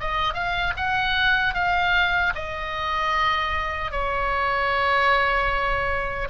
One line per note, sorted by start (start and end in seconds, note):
0.00 0.34 D#5
0.34 0.73 F5
0.76 1.54 F#5
1.54 2.33 F5
2.35 3.91 D#5
3.91 6.28 C#5